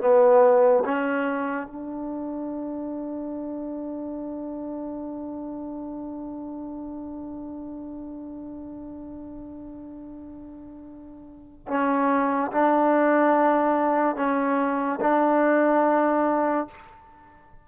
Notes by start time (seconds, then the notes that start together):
0.00 B3
0.84 C#4
1.66 D4
11.67 C#4
12.52 D4
14.16 C#4
15.00 D4